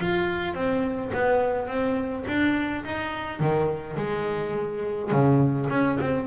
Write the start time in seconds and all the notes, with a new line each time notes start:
0.00 F4
0.54 C4
1.14 B3
1.68 C4
2.27 D4
2.84 D#4
3.39 D#3
3.97 G#3
5.11 C#3
5.70 C#4
6.00 C4